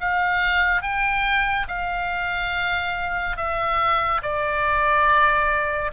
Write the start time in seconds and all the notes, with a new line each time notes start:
0.00 F5
0.82 G5
1.68 F5
3.36 E5
4.22 D5